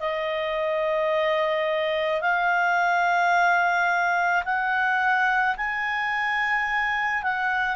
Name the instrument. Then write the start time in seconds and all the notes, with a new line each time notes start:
clarinet
0.00 D#5
2.22 F5
4.45 F#5
5.57 G#5
7.23 F#5